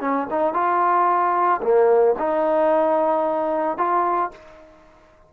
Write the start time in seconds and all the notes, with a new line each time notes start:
0.00 C#4
0.30 D#4
0.54 F4
1.62 A#3
2.19 D#4
3.77 F4